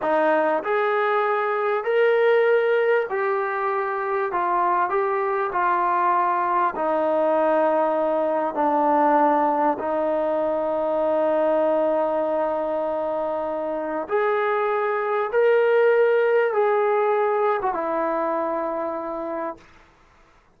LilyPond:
\new Staff \with { instrumentName = "trombone" } { \time 4/4 \tempo 4 = 98 dis'4 gis'2 ais'4~ | ais'4 g'2 f'4 | g'4 f'2 dis'4~ | dis'2 d'2 |
dis'1~ | dis'2. gis'4~ | gis'4 ais'2 gis'4~ | gis'8. fis'16 e'2. | }